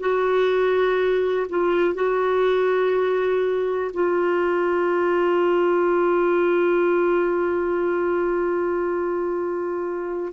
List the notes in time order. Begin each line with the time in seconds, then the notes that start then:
0.00 F#4
1.50 F4
1.94 F#4
3.94 F4